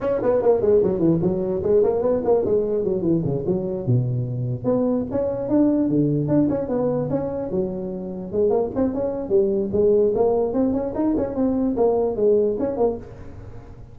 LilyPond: \new Staff \with { instrumentName = "tuba" } { \time 4/4 \tempo 4 = 148 cis'8 b8 ais8 gis8 fis8 e8 fis4 | gis8 ais8 b8 ais8 gis4 fis8 e8 | cis8 fis4 b,2 b8~ | b8 cis'4 d'4 d4 d'8 |
cis'8 b4 cis'4 fis4.~ | fis8 gis8 ais8 c'8 cis'4 g4 | gis4 ais4 c'8 cis'8 dis'8 cis'8 | c'4 ais4 gis4 cis'8 ais8 | }